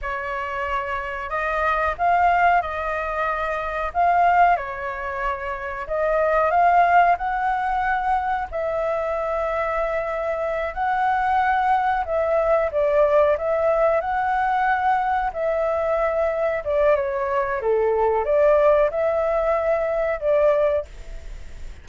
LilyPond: \new Staff \with { instrumentName = "flute" } { \time 4/4 \tempo 4 = 92 cis''2 dis''4 f''4 | dis''2 f''4 cis''4~ | cis''4 dis''4 f''4 fis''4~ | fis''4 e''2.~ |
e''8 fis''2 e''4 d''8~ | d''8 e''4 fis''2 e''8~ | e''4. d''8 cis''4 a'4 | d''4 e''2 d''4 | }